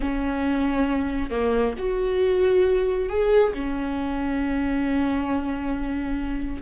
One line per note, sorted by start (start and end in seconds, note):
0.00 1.30 C#4
1.30 1.74 A#3
1.78 3.09 F#4
3.09 3.53 G#4
3.53 6.62 C#4